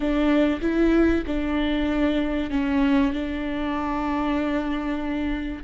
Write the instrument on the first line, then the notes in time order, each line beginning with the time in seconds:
viola
0.00 D4
0.61 E4
1.27 D4
2.50 C#4
3.12 D4